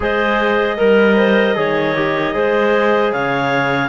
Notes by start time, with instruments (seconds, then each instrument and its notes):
0.00 cello G#3, trombone G#4, clarinet C5 D#5
0.77 cello G3, clarinet A#4, trombone A#4
1.16 clarinet C5
1.55 cello D#3, trombone G#4, clarinet C#5
1.95 trombone G4
2.33 cello G#3, trombone G#4, clarinet C5
3.12 cello C#3, clarinet C#5 F5